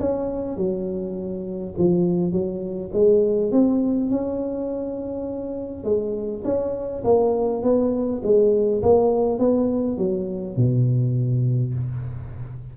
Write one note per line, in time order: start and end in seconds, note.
0.00 0.57 C#4
0.57 1.74 F#3
1.78 2.32 F3
2.32 2.91 F#3
2.93 3.52 G#3
3.52 4.10 C4
4.10 5.84 C#4
5.84 6.43 G#3
6.44 7.03 C#4
7.04 7.63 A#3
7.63 8.22 B3
8.24 8.82 G#3
8.83 9.39 A#3
9.39 9.98 B3
9.98 10.56 F#3
10.57 11.74 B2